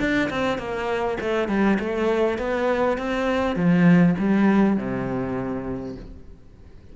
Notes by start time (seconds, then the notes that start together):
0.00 D4
0.30 C4
0.58 A#3
1.21 A3
1.49 G3
1.80 A3
2.38 B3
2.98 C4
3.56 F3
4.19 G3
4.77 C3